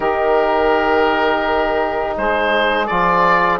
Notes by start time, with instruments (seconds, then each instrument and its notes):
0.00 bassoon D#3, trombone D#4, saxophone G4, oboe A#4
2.17 bassoon G#3, saxophone G#4, oboe C5
2.86 bassoon F3, trombone F4, oboe D5